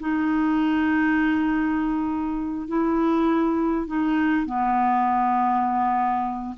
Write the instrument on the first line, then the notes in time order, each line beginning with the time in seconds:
clarinet
0.00 D#4
2.68 E4
3.87 D#4
4.46 B3